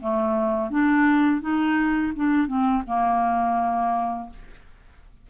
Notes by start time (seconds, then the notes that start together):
0.00 A3
0.70 D4
1.41 D#4
2.15 D4
2.47 C4
2.87 A#3